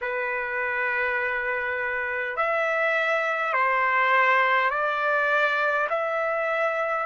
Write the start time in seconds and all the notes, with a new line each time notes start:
0.01 B4
2.36 E5
3.53 C5
4.70 D5
5.89 E5